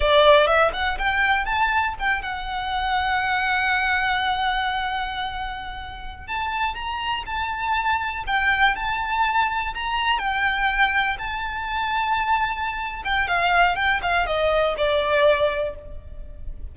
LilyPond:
\new Staff \with { instrumentName = "violin" } { \time 4/4 \tempo 4 = 122 d''4 e''8 fis''8 g''4 a''4 | g''8 fis''2.~ fis''8~ | fis''1~ | fis''8. a''4 ais''4 a''4~ a''16~ |
a''8. g''4 a''2 ais''16~ | ais''8. g''2 a''4~ a''16~ | a''2~ a''8 g''8 f''4 | g''8 f''8 dis''4 d''2 | }